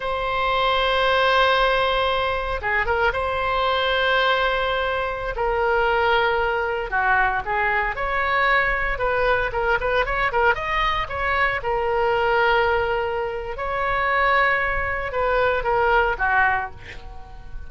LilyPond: \new Staff \with { instrumentName = "oboe" } { \time 4/4 \tempo 4 = 115 c''1~ | c''4 gis'8 ais'8 c''2~ | c''2~ c''16 ais'4.~ ais'16~ | ais'4~ ais'16 fis'4 gis'4 cis''8.~ |
cis''4~ cis''16 b'4 ais'8 b'8 cis''8 ais'16~ | ais'16 dis''4 cis''4 ais'4.~ ais'16~ | ais'2 cis''2~ | cis''4 b'4 ais'4 fis'4 | }